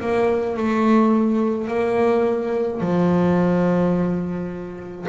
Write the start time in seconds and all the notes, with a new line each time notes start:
0.00 A#3
0.57 A3
1.67 A#3
2.80 F3